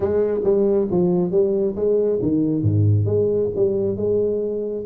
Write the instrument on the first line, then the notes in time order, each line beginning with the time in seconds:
tuba
0.00 G#3
0.44 G3
0.90 F3
1.31 G3
1.75 G#3
2.22 D#3
2.62 G#2
3.05 G#3
3.55 G3
3.96 G#3